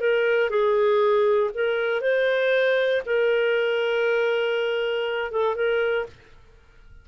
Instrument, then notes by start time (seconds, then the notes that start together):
clarinet
0.00 A#4
0.50 G#4
1.54 A#4
2.01 C5
3.05 A#4
5.31 A4
5.55 A#4